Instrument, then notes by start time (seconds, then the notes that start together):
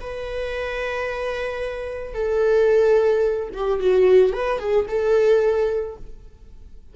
viola
0.00 B4
2.14 A4
3.53 G4
3.80 F#4
4.32 B4
4.59 G#4
4.87 A4